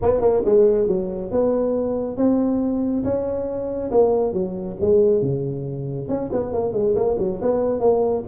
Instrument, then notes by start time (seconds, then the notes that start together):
tuba
0.01 B3
0.21 A#3
0.45 G#3
0.87 F#3
1.31 B3
2.16 C4
3.04 C#4
3.91 A#3
4.33 F#3
4.80 G#3
5.21 C#3
6.08 C#4
6.32 B3
6.52 A#3
6.73 G#3
6.95 A#3
7.19 F#3
7.41 B3
7.79 A#3